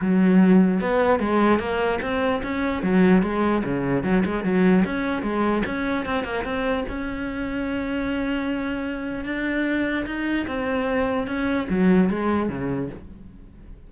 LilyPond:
\new Staff \with { instrumentName = "cello" } { \time 4/4 \tempo 4 = 149 fis2 b4 gis4 | ais4 c'4 cis'4 fis4 | gis4 cis4 fis8 gis8 fis4 | cis'4 gis4 cis'4 c'8 ais8 |
c'4 cis'2.~ | cis'2. d'4~ | d'4 dis'4 c'2 | cis'4 fis4 gis4 cis4 | }